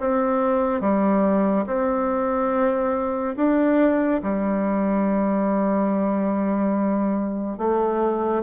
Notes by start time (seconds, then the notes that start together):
0.00 C4
0.81 G3
1.66 C4
3.36 D4
4.22 G3
7.58 A3